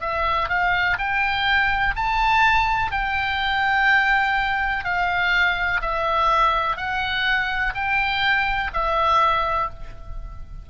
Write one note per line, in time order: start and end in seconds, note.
0.00 0.48 E5
0.48 0.97 F5
0.98 1.94 G5
1.95 2.91 A5
2.91 4.84 G5
4.84 5.81 F5
5.81 6.76 E5
6.76 7.73 F#5
7.74 8.71 G5
8.73 9.70 E5